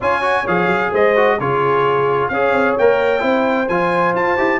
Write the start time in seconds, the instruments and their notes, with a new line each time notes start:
0.00 tuba C#4, trombone F4, horn C#5, trumpet G#5
0.21 trombone F#4
0.47 tuba F3, trombone G#4, trumpet F5
0.67 tuba F#3
0.92 tuba G#3, horn C5, trumpet D#5
1.15 trombone F#4
1.38 tuba C#3, trombone F4, horn G#4, trumpet C#5
2.28 tuba C#4, trombone G#4, horn C#5, trumpet F5
2.52 tuba C4
2.77 tuba A#3, trombone A#4, trumpet G5
3.20 tuba C4, trombone E4, horn C5
3.68 tuba F3, trombone F4, trumpet G#5
4.14 tuba F4, trumpet A5
4.37 tuba E4, trombone G4